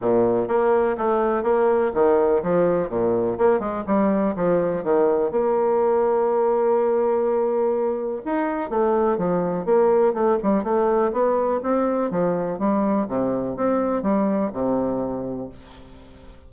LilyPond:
\new Staff \with { instrumentName = "bassoon" } { \time 4/4 \tempo 4 = 124 ais,4 ais4 a4 ais4 | dis4 f4 ais,4 ais8 gis8 | g4 f4 dis4 ais4~ | ais1~ |
ais4 dis'4 a4 f4 | ais4 a8 g8 a4 b4 | c'4 f4 g4 c4 | c'4 g4 c2 | }